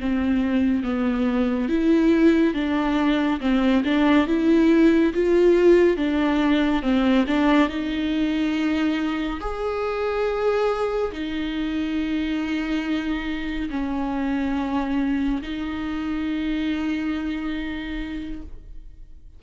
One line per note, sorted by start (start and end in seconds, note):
0.00 0.83 C4
0.83 1.69 B3
1.69 2.54 E4
2.54 3.40 D4
3.41 3.83 C4
3.84 4.27 D4
4.27 5.13 E4
5.14 5.97 F4
5.97 6.82 D4
6.82 7.25 C4
7.27 7.69 D4
7.69 9.40 D#4
9.41 11.12 G#4
11.12 13.69 D#4
13.70 15.42 C#4
15.42 18.42 D#4